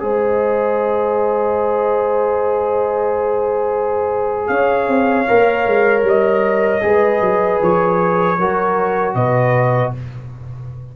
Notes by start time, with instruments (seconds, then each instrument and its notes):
0.00 tuba G#3, trombone G#4, horn C5, trumpet D#5
4.47 tuba C#4, horn C#5, trumpet F5
4.88 tuba C4
5.28 tuba A#3, trombone A#4
5.67 tuba G#3
6.03 tuba G3, trumpet D#5
6.81 tuba G#3, trombone G#4, horn B4
7.21 tuba F#3
7.62 tuba F3, trumpet C#5
8.39 tuba F#3, trombone F#4, horn A#4
9.15 tuba B2, horn B4, trumpet D#5